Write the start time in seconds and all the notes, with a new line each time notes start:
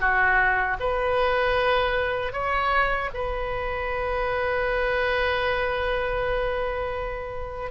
0.00 F#4
0.80 B4
2.33 C#5
3.14 B4